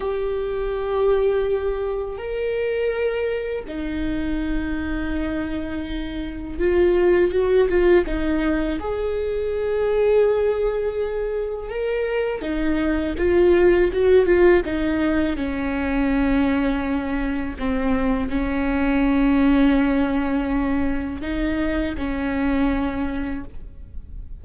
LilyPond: \new Staff \with { instrumentName = "viola" } { \time 4/4 \tempo 4 = 82 g'2. ais'4~ | ais'4 dis'2.~ | dis'4 f'4 fis'8 f'8 dis'4 | gis'1 |
ais'4 dis'4 f'4 fis'8 f'8 | dis'4 cis'2. | c'4 cis'2.~ | cis'4 dis'4 cis'2 | }